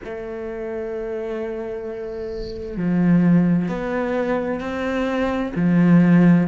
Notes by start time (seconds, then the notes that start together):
0.04 A3
2.77 F3
3.68 B3
4.60 C4
5.55 F3